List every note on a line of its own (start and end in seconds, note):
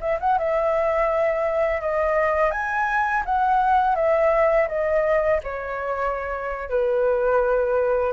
0.00 0.18 E5
0.20 0.38 F#5
0.38 1.81 E5
1.81 2.51 D#5
2.51 3.23 G#5
3.25 3.95 F#5
3.95 4.67 E5
4.68 5.40 D#5
5.43 6.69 C#5
6.69 8.13 B4